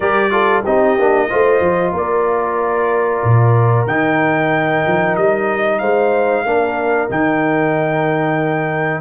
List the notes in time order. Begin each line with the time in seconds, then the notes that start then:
0.00 G3 G4 A#4 D5
0.30 F4 A4
0.63 C4 D#4 G4 D#5
0.98 A#3 D4
1.29 A3 F4 C5
1.60 F3
1.92 A#3 A#4 D5
3.23 A#2
3.86 D#3 D#4 G5
4.86 F3
5.16 G3 D#5
5.78 G#3 C5 F5
6.44 A#3 D4 A#4
7.09 D#3 D#4 G5